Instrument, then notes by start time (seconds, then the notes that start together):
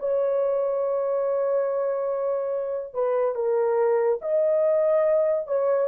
horn
0.00 C#5
2.94 B4
3.35 A#4
4.22 D#5
5.48 C#5